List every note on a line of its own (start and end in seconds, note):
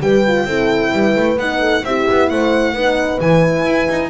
0.00 0.45 G3
0.00 0.24 G4
0.00 0.46 B4
0.00 1.38 G5
0.27 0.47 F4
0.45 0.90 C4
0.45 1.38 E4
0.45 0.91 A4
0.93 1.15 G3
0.93 1.59 B4
1.16 1.37 A3
1.37 1.82 B3
1.37 1.85 D#4
1.37 1.85 F#5
1.59 1.82 A4
1.83 2.06 C4
1.83 2.75 E4
1.83 2.30 G4
1.83 2.29 E5
2.10 2.31 B3
2.29 2.73 A3
2.29 2.73 C5
2.29 3.20 F#5
2.73 3.19 B3
2.73 3.21 D#4
2.73 4.10 B4
3.20 3.65 E3
3.20 4.10 E4
3.20 4.10 G#5
3.65 3.87 E4
3.89 4.10 D#4